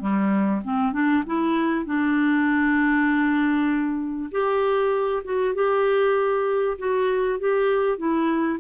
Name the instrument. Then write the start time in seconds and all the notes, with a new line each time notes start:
clarinet
0.00 G3
0.64 C4
0.93 D4
1.26 E4
1.86 D4
4.32 G4
5.25 F#4
5.55 G4
6.78 F#4
7.39 G4
7.98 E4